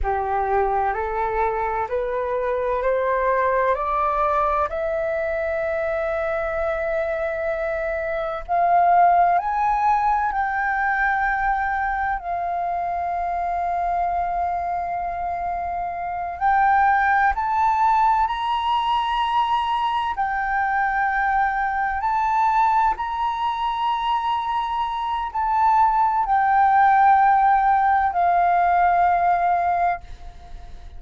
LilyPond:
\new Staff \with { instrumentName = "flute" } { \time 4/4 \tempo 4 = 64 g'4 a'4 b'4 c''4 | d''4 e''2.~ | e''4 f''4 gis''4 g''4~ | g''4 f''2.~ |
f''4. g''4 a''4 ais''8~ | ais''4. g''2 a''8~ | a''8 ais''2~ ais''8 a''4 | g''2 f''2 | }